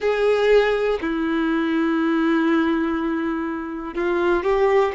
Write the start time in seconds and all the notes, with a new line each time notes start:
0.00 G#4
1.01 E4
3.94 F4
4.43 G4